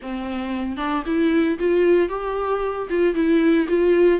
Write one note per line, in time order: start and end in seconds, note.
0.01 0.76 C4
0.76 1.03 D4
1.06 1.58 E4
1.58 2.09 F4
2.09 2.88 G4
2.89 3.14 F4
3.14 3.67 E4
3.68 4.20 F4